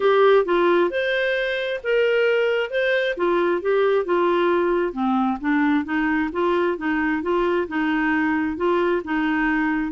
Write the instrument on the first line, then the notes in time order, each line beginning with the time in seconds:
clarinet
0.00 G4
0.45 F4
0.90 C5
1.83 A#4
2.70 C5
3.17 F4
3.61 G4
4.05 F4
4.93 C4
5.40 D4
5.84 D#4
6.32 F4
6.77 D#4
7.22 F4
7.68 D#4
8.56 F4
9.04 D#4